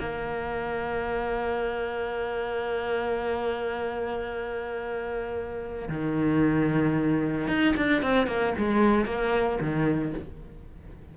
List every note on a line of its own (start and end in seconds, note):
0.00 5.89 A#3
5.89 7.48 D#3
7.48 7.75 D#4
7.77 8.03 D4
8.03 8.27 C4
8.27 8.54 A#3
8.58 9.06 G#3
9.06 9.59 A#3
9.61 10.14 D#3